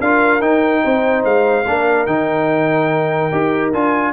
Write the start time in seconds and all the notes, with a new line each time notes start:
0.00 D4 F4 A#4 F5
0.41 D#4 G5
0.83 C4 C5
1.24 G#3 F5
1.66 A#3 D4 A#4
2.06 D#3 D#4 G5
3.32 D#4 G4
3.73 D4 F4 G#5